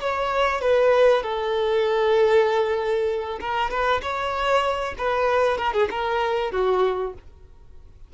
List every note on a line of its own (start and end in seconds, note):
0.00 0.60 C#5
0.60 1.22 B4
1.22 3.39 A4
3.40 3.70 A#4
3.70 4.01 B4
4.01 4.94 C#5
4.98 5.57 B4
5.57 5.73 A#4
5.73 5.88 G#4
5.90 6.51 A#4
6.51 7.13 F#4